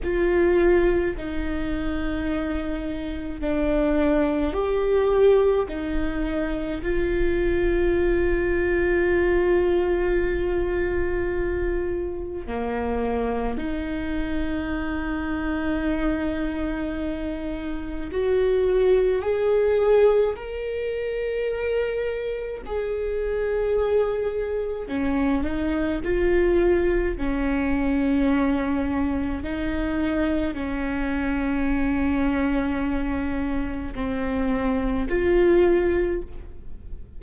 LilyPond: \new Staff \with { instrumentName = "viola" } { \time 4/4 \tempo 4 = 53 f'4 dis'2 d'4 | g'4 dis'4 f'2~ | f'2. ais4 | dis'1 |
fis'4 gis'4 ais'2 | gis'2 cis'8 dis'8 f'4 | cis'2 dis'4 cis'4~ | cis'2 c'4 f'4 | }